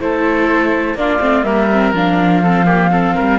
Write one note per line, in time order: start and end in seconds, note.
0.00 0.94 A3
0.00 0.98 E4
0.00 0.98 A4
0.00 0.97 C5
0.94 1.19 A#3
0.94 1.20 D4
0.94 1.46 F4
0.94 1.44 D5
1.20 1.44 A3
1.20 1.44 C4
1.44 1.92 G3
1.44 1.68 A#3
1.44 2.43 A#4
1.44 1.92 E5
1.72 1.95 C4
1.93 3.15 F3
1.93 2.44 D4
1.93 3.39 F5
2.43 2.66 C4
2.43 2.66 A4
2.66 2.90 A#3
2.66 2.90 G4
2.91 3.39 C4
2.91 3.15 A4
3.15 3.39 G3
3.15 3.39 A#4